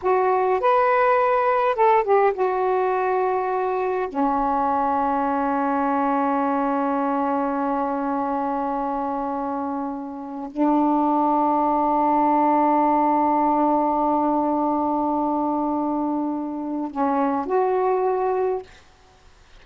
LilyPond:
\new Staff \with { instrumentName = "saxophone" } { \time 4/4 \tempo 4 = 103 fis'4 b'2 a'8 g'8 | fis'2. cis'4~ | cis'1~ | cis'1~ |
cis'2 d'2~ | d'1~ | d'1~ | d'4 cis'4 fis'2 | }